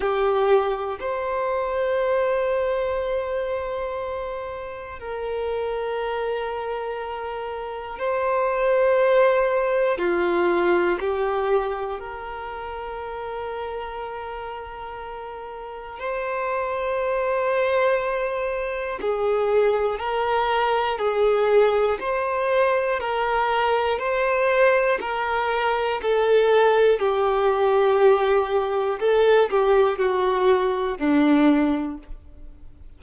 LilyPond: \new Staff \with { instrumentName = "violin" } { \time 4/4 \tempo 4 = 60 g'4 c''2.~ | c''4 ais'2. | c''2 f'4 g'4 | ais'1 |
c''2. gis'4 | ais'4 gis'4 c''4 ais'4 | c''4 ais'4 a'4 g'4~ | g'4 a'8 g'8 fis'4 d'4 | }